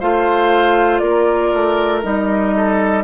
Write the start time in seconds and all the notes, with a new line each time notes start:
0.00 A3 F4 C5 F5
0.98 A#3 A#4 D5
1.53 A3
2.03 G3 D#4 D#5
2.56 A4